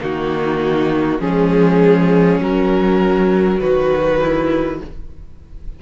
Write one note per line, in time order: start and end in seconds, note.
0.00 1.20 D#3
0.00 1.20 A#3
0.00 1.21 D#4
0.00 1.21 F#4
1.20 2.40 F3
1.20 2.42 G#3
1.20 3.60 C#4
1.20 2.41 G#4
2.41 3.61 F#3
2.41 4.82 F#3
2.41 3.60 A#4
3.60 4.81 D#3
3.60 4.21 F#4
3.60 4.80 B4
4.22 4.82 E4